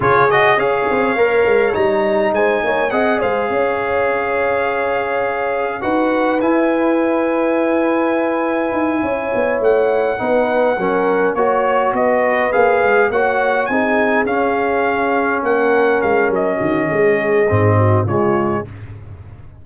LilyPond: <<
  \new Staff \with { instrumentName = "trumpet" } { \time 4/4 \tempo 4 = 103 cis''8 dis''8 f''2 ais''4 | gis''4 fis''8 f''2~ f''8~ | f''2 fis''4 gis''4~ | gis''1~ |
gis''8 fis''2. cis''8~ | cis''8 dis''4 f''4 fis''4 gis''8~ | gis''8 f''2 fis''4 f''8 | dis''2. cis''4 | }
  \new Staff \with { instrumentName = "horn" } { \time 4/4 gis'4 cis''2. | c''8 cis''8 dis''8 c''8 cis''2~ | cis''2 b'2~ | b'2.~ b'8 cis''8~ |
cis''4. b'4 ais'4 cis''8~ | cis''8 b'2 cis''4 gis'8~ | gis'2~ gis'8 ais'4.~ | ais'8 fis'8 gis'4. fis'8 f'4 | }
  \new Staff \with { instrumentName = "trombone" } { \time 4/4 f'8 fis'8 gis'4 ais'4 dis'4~ | dis'4 gis'2.~ | gis'2 fis'4 e'4~ | e'1~ |
e'4. dis'4 cis'4 fis'8~ | fis'4. gis'4 fis'4 dis'8~ | dis'8 cis'2.~ cis'8~ | cis'2 c'4 gis4 | }
  \new Staff \with { instrumentName = "tuba" } { \time 4/4 cis4 cis'8 c'8 ais8 gis8 g4 | gis8 ais8 c'8 gis8 cis'2~ | cis'2 dis'4 e'4~ | e'2. dis'8 cis'8 |
b8 a4 b4 fis4 ais8~ | ais8 b4 ais8 gis8 ais4 c'8~ | c'8 cis'2 ais4 gis8 | fis8 dis8 gis4 gis,4 cis4 | }
>>